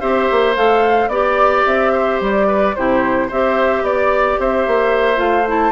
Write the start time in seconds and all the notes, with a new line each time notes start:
0.00 C4 G4 C5 E5
0.31 A#3
0.56 A3 A4 F5
1.07 B3 G4 D5
1.66 C4 E5
1.92 C5
2.20 G3 D5
2.47 B4
2.75 C3 E4 G4 C5
3.27 C4 G4 C5 E5
3.82 B3 D5
4.39 C4 C5 E5
4.67 A#3
5.15 A3 F4 F5
5.47 E4 A5